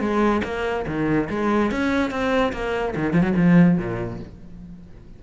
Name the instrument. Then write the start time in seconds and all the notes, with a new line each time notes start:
cello
0.00 G#3
0.44 A#3
0.87 D#3
1.30 G#3
1.71 C#4
2.11 C4
2.53 A#3
2.96 D#3
3.13 F3
3.22 F#3
3.36 F3
3.78 A#2